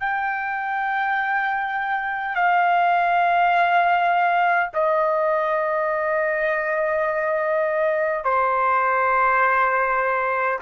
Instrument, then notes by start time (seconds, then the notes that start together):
trumpet
0.00 G5
2.35 F5
4.73 D#5
8.24 C5